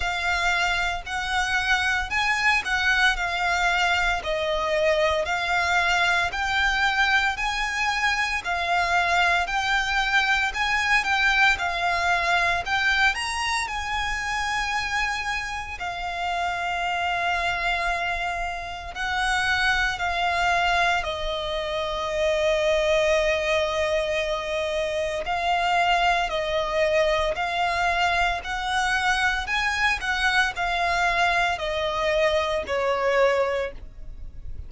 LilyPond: \new Staff \with { instrumentName = "violin" } { \time 4/4 \tempo 4 = 57 f''4 fis''4 gis''8 fis''8 f''4 | dis''4 f''4 g''4 gis''4 | f''4 g''4 gis''8 g''8 f''4 | g''8 ais''8 gis''2 f''4~ |
f''2 fis''4 f''4 | dis''1 | f''4 dis''4 f''4 fis''4 | gis''8 fis''8 f''4 dis''4 cis''4 | }